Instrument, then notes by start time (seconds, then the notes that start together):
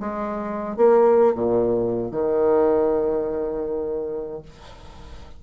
bassoon
0.00 G#3
0.77 A#3
1.35 A#2
2.12 D#3